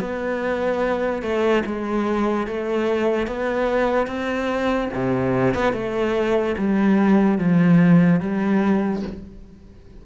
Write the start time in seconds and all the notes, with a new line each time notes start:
0.00 B3
1.22 A3
1.66 G#3
2.47 A3
3.27 B3
4.07 C4
4.94 C3
5.54 B3
5.73 A3
6.58 G3
7.38 F3
8.20 G3